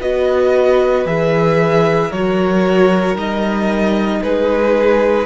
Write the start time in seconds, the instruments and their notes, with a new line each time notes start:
0.00 cello B3, viola F#4, violin B4 D#5
1.06 cello E3, viola G#4, violin E5
2.10 cello F#3, viola F#4, violin A#4 C#5
3.15 cello G3, viola D#4, violin D#5
4.23 cello G#3, violin G#4 B4